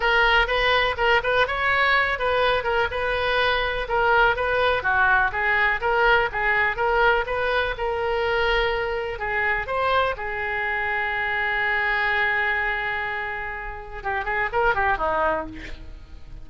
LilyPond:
\new Staff \with { instrumentName = "oboe" } { \time 4/4 \tempo 4 = 124 ais'4 b'4 ais'8 b'8 cis''4~ | cis''8 b'4 ais'8 b'2 | ais'4 b'4 fis'4 gis'4 | ais'4 gis'4 ais'4 b'4 |
ais'2. gis'4 | c''4 gis'2.~ | gis'1~ | gis'4 g'8 gis'8 ais'8 g'8 dis'4 | }